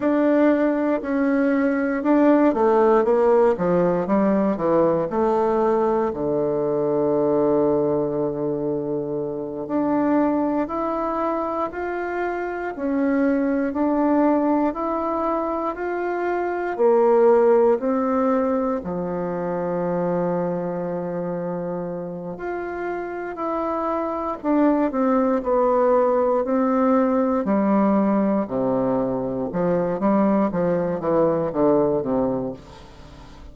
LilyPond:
\new Staff \with { instrumentName = "bassoon" } { \time 4/4 \tempo 4 = 59 d'4 cis'4 d'8 a8 ais8 f8 | g8 e8 a4 d2~ | d4. d'4 e'4 f'8~ | f'8 cis'4 d'4 e'4 f'8~ |
f'8 ais4 c'4 f4.~ | f2 f'4 e'4 | d'8 c'8 b4 c'4 g4 | c4 f8 g8 f8 e8 d8 c8 | }